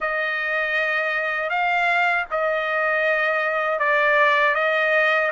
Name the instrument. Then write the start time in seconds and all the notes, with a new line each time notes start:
trumpet
0.00 D#5
1.49 F5
2.31 D#5
3.79 D5
4.54 D#5